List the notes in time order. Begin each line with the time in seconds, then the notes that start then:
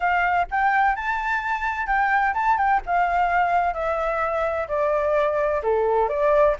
0.00 F5
0.50 G5
0.95 A5
1.86 G5
2.34 A5
2.57 G5
2.86 F5
3.73 E5
4.68 D5
5.62 A4
6.08 D5